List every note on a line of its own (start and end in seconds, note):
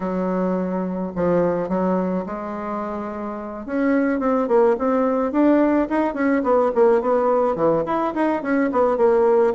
0.00 1.12 F#3
1.15 1.68 F3
1.68 2.25 F#3
2.26 3.66 G#3
3.66 4.19 C#4
4.19 4.47 C4
4.48 4.76 A#3
4.78 5.32 C4
5.32 5.88 D4
5.89 6.14 D#4
6.14 6.42 C#4
6.43 6.71 B3
6.74 7.01 A#3
7.01 7.55 B3
7.55 7.83 E3
7.86 8.14 E4
8.14 8.42 D#4
8.42 8.70 C#4
8.72 8.97 B3
8.97 9.53 A#3